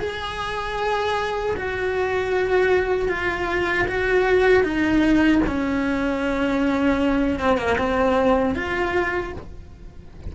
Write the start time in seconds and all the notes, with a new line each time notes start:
0.00 G#4
1.57 F#4
3.09 F4
3.87 F#4
4.63 D#4
5.47 C#4
7.40 C4
7.58 A#3
7.78 C4
8.55 F4